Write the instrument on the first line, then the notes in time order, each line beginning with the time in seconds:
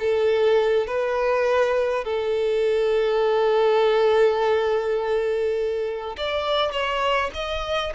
violin
0.00 A4
0.87 B4
2.05 A4
6.17 D5
6.72 C#5
7.34 D#5